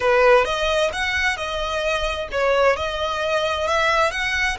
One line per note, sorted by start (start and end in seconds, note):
0.00 0.44 B4
0.44 0.90 D#5
0.92 1.37 F#5
1.37 2.28 D#5
2.31 2.76 C#5
2.76 3.67 D#5
3.67 4.11 E5
4.11 4.57 F#5